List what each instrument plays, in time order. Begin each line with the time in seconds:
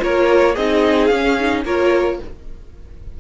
0.00 cello A#3, viola F4, violin A#4 C#5
0.54 cello C4, viola D#4, violin G#4 D#5
1.07 cello C#4, viola C#4, violin F5
1.39 viola D#4
1.65 cello A#3, viola F4, violin A#4 C#5